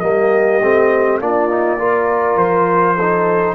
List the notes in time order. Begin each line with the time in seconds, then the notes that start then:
0.00 G3 A#3 G4 D#5
0.62 A3 C4
1.20 A#3 D4 F4 D5
1.49 D#4
1.78 F4 A#4
2.36 F3 C5
2.95 D#4 A4